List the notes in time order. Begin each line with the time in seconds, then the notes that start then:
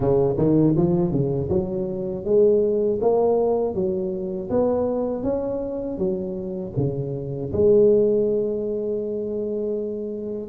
0.00 C#3
0.38 D#3
0.76 F3
1.11 C#3
1.49 F#3
2.24 G#3
3.01 A#3
3.74 F#3
4.50 B3
5.23 C#4
5.98 F#3
6.76 C#3
7.52 G#3